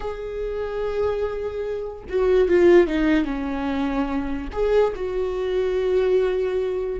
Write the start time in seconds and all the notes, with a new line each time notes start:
0.00 G#4
2.09 F#4
2.48 F4
2.87 D#4
3.25 C#4
4.52 G#4
4.95 F#4